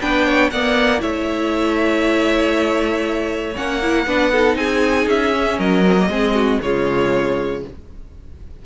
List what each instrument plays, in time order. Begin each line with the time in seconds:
0.00 cello B3, viola D4, violin B4 G5
0.26 violin C#5
0.50 cello A#3, viola B3, violin D5 F#5
0.99 cello A3, viola E4, violin C#5 E5
3.55 cello A#3, viola C#4, violin F#5
3.82 viola E4
4.07 cello B3, viola D4, violin B4
4.32 viola D#4, violin A4
4.56 cello C4, violin G#4 G#5
5.07 cello C#4, violin E5
5.33 viola C#4
5.58 cello F#3, violin A#4 D#5
5.85 viola C4
5.99 viola A#3
6.09 cello G#3, viola C4, violin G#4
6.35 violin F#4
6.62 cello C#3, viola G#3, violin F4 C#5